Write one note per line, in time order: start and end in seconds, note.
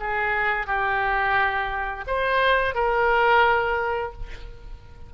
0.00 0.67 G#4
0.67 2.05 G4
2.07 2.75 C5
2.75 4.13 A#4